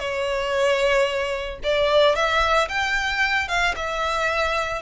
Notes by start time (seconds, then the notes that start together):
0.00 C#5
1.64 D5
2.16 E5
2.69 G5
3.49 F5
3.76 E5